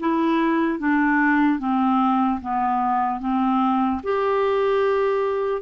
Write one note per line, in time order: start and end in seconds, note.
0.00 0.79 E4
0.79 1.60 D4
1.60 2.41 C4
2.41 3.20 B3
3.20 4.01 C4
4.04 5.62 G4